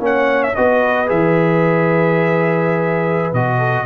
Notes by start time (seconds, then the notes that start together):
0.00 A#3 C#4 C#5 F#5
0.43 E5
0.55 B3 F#4 B4 D#5
1.07 E3 G#4 E5
3.33 B2 F#4 D#5
3.58 A4